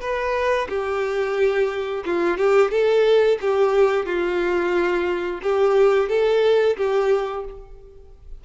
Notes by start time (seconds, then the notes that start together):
0.00 B4
0.69 G4
2.05 F4
2.37 G4
2.71 A4
3.41 G4
4.05 F4
5.42 G4
6.09 A4
6.77 G4